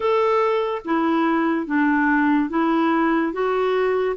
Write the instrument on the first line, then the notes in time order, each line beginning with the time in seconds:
clarinet
0.00 A4
0.84 E4
1.66 D4
2.49 E4
3.32 F#4